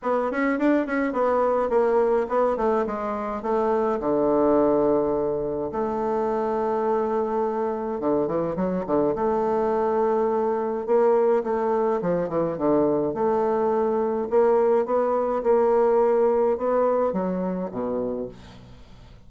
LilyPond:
\new Staff \with { instrumentName = "bassoon" } { \time 4/4 \tempo 4 = 105 b8 cis'8 d'8 cis'8 b4 ais4 | b8 a8 gis4 a4 d4~ | d2 a2~ | a2 d8 e8 fis8 d8 |
a2. ais4 | a4 f8 e8 d4 a4~ | a4 ais4 b4 ais4~ | ais4 b4 fis4 b,4 | }